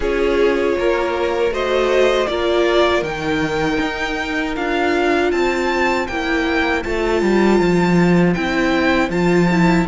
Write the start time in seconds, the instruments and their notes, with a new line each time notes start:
0.00 cello C#4, viola F4, violin G#4 C#5
0.77 cello A#3, violin A#4
1.50 cello A3, viola F#4, violin C5 D#5
2.27 cello A#3, viola F4, violin A#4 D5
3.01 cello D#3, viola D#4, violin G5
3.80 cello D#4
4.56 cello D4, viola F4, violin F5
5.31 cello C4, violin C5 A5
6.07 cello A#3, viola E4, violin G5
6.83 cello A3, viola F4, violin A5
7.22 cello G3
7.59 cello F3
8.33 cello C4, viola E4, violin G5
9.09 cello F3, viola F4, violin A5
9.50 viola E4